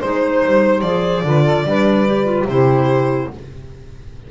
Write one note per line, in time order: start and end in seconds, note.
0.00 0.44 G#3
0.00 0.85 D#4
0.00 1.23 C5
0.00 0.81 C5
0.45 0.82 G3
0.81 1.23 F3
0.81 1.26 G#4
0.81 2.45 D5
1.23 1.64 D3
1.23 1.66 F4
1.23 1.43 B4
1.43 1.64 A4
1.65 2.45 G3
1.65 2.06 D4
1.65 2.49 B4
2.06 2.25 G4
2.25 2.46 F4
2.45 3.27 C3
2.45 3.31 E4
2.45 3.31 G4
2.45 3.31 C5